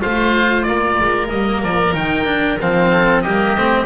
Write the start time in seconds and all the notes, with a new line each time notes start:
0.00 A3 F4 C5 F5
0.62 A#3 A#4 D5
1.00 G#3
1.28 G3 A#3 D#5
1.63 F3 D5
1.94 D#3 D#4 G5
2.25 D4
2.61 F3 C4 F5
2.91 A4
3.22 G3 A#3 G4 D#5
3.57 A3 C4